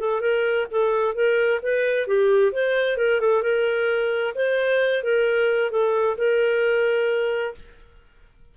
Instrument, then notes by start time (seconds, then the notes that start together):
clarinet
0.00 A4
0.21 A#4
0.71 A4
1.15 A#4
1.63 B4
2.08 G4
2.53 C5
2.98 A#4
3.21 A4
3.43 A#4
4.35 C5
5.04 A#4
5.71 A4
6.18 A#4